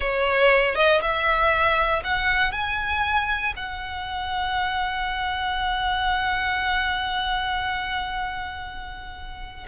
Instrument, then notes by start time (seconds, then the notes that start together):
violin
0.00 C#5
0.75 D#5
1.01 E5
2.04 F#5
2.52 G#5
3.56 F#5